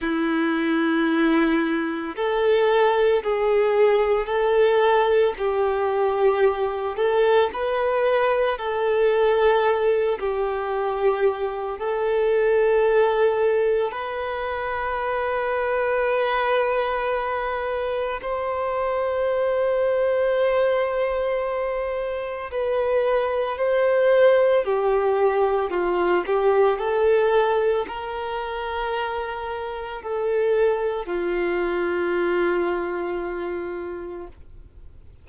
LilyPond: \new Staff \with { instrumentName = "violin" } { \time 4/4 \tempo 4 = 56 e'2 a'4 gis'4 | a'4 g'4. a'8 b'4 | a'4. g'4. a'4~ | a'4 b'2.~ |
b'4 c''2.~ | c''4 b'4 c''4 g'4 | f'8 g'8 a'4 ais'2 | a'4 f'2. | }